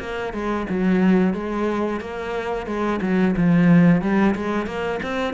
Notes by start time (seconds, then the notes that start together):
0.00 A#3
0.33 G#3
0.70 F#3
1.34 G#3
2.01 A#3
2.67 G#3
3.02 F#3
3.37 F3
4.02 G3
4.36 G#3
4.67 A#3
5.03 C4